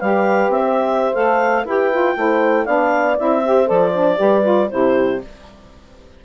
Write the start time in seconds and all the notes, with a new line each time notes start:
0.00 G3 G4 B4 F5
0.49 C4 E5
0.65 C5
1.13 A3 A4 F5
1.65 E4 G4 B4 G5
1.91 F4
2.16 A3 E4 C5
2.65 B3 D4 D5 F5
3.18 C4 E4 E5
3.45 G4 C5
3.66 F3 A4 D5
3.93 D4
4.17 G3 G4 B4
4.42 F4
4.70 C3 E4 G4 C5